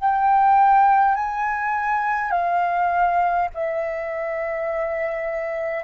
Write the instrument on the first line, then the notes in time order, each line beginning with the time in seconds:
flute
0.00 G5
1.16 G#5
2.32 F5
3.55 E5